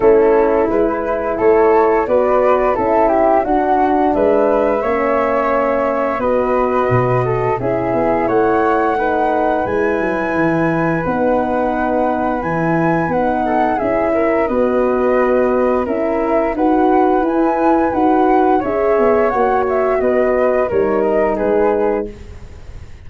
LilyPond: <<
  \new Staff \with { instrumentName = "flute" } { \time 4/4 \tempo 4 = 87 a'4 b'4 cis''4 d''4 | e''4 fis''4 e''2~ | e''4 dis''2 e''4 | fis''2 gis''2 |
fis''2 gis''4 fis''4 | e''4 dis''2 e''4 | fis''4 gis''4 fis''4 e''4 | fis''8 e''8 dis''4 cis''8 dis''8 b'4 | }
  \new Staff \with { instrumentName = "flute" } { \time 4/4 e'2 a'4 b'4 | a'8 g'8 fis'4 b'4 cis''4~ | cis''4 b'4. a'8 gis'4 | cis''4 b'2.~ |
b'2.~ b'8 a'8 | gis'8 ais'8 b'2 ais'4 | b'2. cis''4~ | cis''4 b'4 ais'4 gis'4 | }
  \new Staff \with { instrumentName = "horn" } { \time 4/4 cis'4 e'2 fis'4 | e'4 d'2 cis'4~ | cis'4 fis'2 e'4~ | e'4 dis'4 e'2 |
dis'2 e'4 dis'4 | e'4 fis'2 e'4 | fis'4 e'4 fis'4 gis'4 | fis'2 dis'2 | }
  \new Staff \with { instrumentName = "tuba" } { \time 4/4 a4 gis4 a4 b4 | cis'4 d'4 gis4 ais4~ | ais4 b4 b,4 cis'8 b8 | a2 gis8 fis8 e4 |
b2 e4 b4 | cis'4 b2 cis'4 | dis'4 e'4 dis'4 cis'8 b8 | ais4 b4 g4 gis4 | }
>>